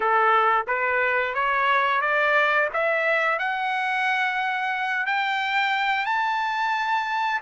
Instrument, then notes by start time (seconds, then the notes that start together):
trumpet
0.00 A4
0.67 B4
1.34 C#5
2.01 D5
2.73 E5
3.38 F#5
5.06 G5
6.05 A5